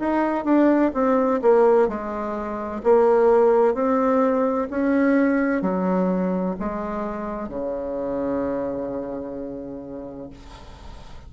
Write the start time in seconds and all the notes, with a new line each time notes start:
0.00 D#4
0.45 D4
0.94 C4
1.42 A#3
1.88 G#3
2.84 A#3
3.75 C4
4.70 C#4
5.62 F#3
6.60 G#3
7.49 C#3